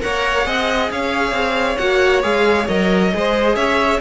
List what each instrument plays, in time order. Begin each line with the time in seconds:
0.00 cello A#3, viola A#4, violin C#5 F#5
0.45 cello C4, viola G#4, violin D#5
0.91 cello C#4, violin C#5 F5
1.32 cello C4
1.78 cello A#3, viola F#4, violin F#5
2.23 cello G#3, viola G#4, violin F5
2.68 cello F#3, viola A#4, violin D#5
3.12 cello G#3, viola G#4, violin C5
3.56 cello C#4, violin C#5 E5